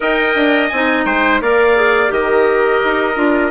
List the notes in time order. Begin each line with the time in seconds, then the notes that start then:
0.00 D#4 A#4 D#5 G5
0.35 D4
0.68 C4 G#5
0.74 D#4
1.05 G#3 C5 G5
1.41 A#3 A#4 D5 F5
1.75 G#4
2.08 D#3 G4 A#4 D#5
2.84 D#4
3.15 D4 F4